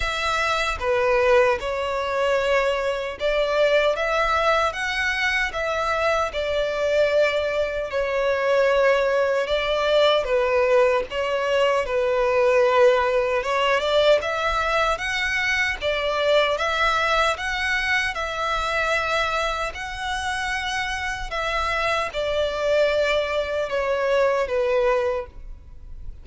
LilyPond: \new Staff \with { instrumentName = "violin" } { \time 4/4 \tempo 4 = 76 e''4 b'4 cis''2 | d''4 e''4 fis''4 e''4 | d''2 cis''2 | d''4 b'4 cis''4 b'4~ |
b'4 cis''8 d''8 e''4 fis''4 | d''4 e''4 fis''4 e''4~ | e''4 fis''2 e''4 | d''2 cis''4 b'4 | }